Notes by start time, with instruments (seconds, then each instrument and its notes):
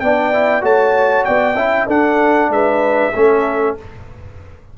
0.00 tuba B3, trombone D4, horn D5, trumpet G5
0.33 trombone E4
0.61 tuba A3, trombone F#4, horn C#5, trumpet A5
1.25 tuba B3, horn D5, trumpet G5
1.55 tuba C#4, trombone E4, horn E5
1.87 tuba D4, trombone D4, horn A4, trumpet F#5
2.49 tuba G#3, horn B4, trumpet E5
3.14 tuba A3, trombone C#4, horn A4